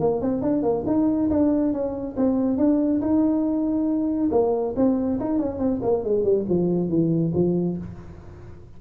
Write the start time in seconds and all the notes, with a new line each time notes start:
0.00 A#3
0.22 C4
0.42 D4
0.63 A#3
0.87 D#4
1.30 D4
1.73 C#4
2.17 C4
2.58 D4
3.01 D#4
4.31 A#3
4.76 C4
5.20 D#4
5.39 C#4
5.59 C4
5.83 A#3
6.04 G#3
6.24 G3
6.49 F3
6.89 E3
7.34 F3